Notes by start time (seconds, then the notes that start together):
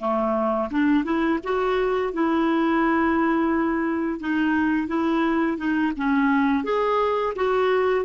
0.00 A3
0.71 D4
1.05 E4
1.44 F#4
2.14 E4
4.21 D#4
4.88 E4
5.58 D#4
5.97 C#4
6.64 G#4
7.36 F#4